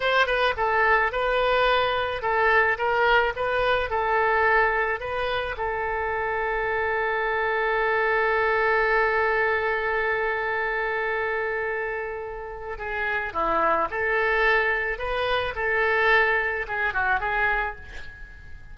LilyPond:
\new Staff \with { instrumentName = "oboe" } { \time 4/4 \tempo 4 = 108 c''8 b'8 a'4 b'2 | a'4 ais'4 b'4 a'4~ | a'4 b'4 a'2~ | a'1~ |
a'1~ | a'2. gis'4 | e'4 a'2 b'4 | a'2 gis'8 fis'8 gis'4 | }